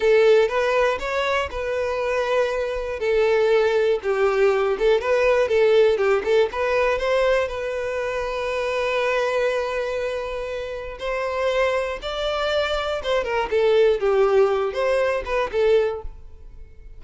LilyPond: \new Staff \with { instrumentName = "violin" } { \time 4/4 \tempo 4 = 120 a'4 b'4 cis''4 b'4~ | b'2 a'2 | g'4. a'8 b'4 a'4 | g'8 a'8 b'4 c''4 b'4~ |
b'1~ | b'2 c''2 | d''2 c''8 ais'8 a'4 | g'4. c''4 b'8 a'4 | }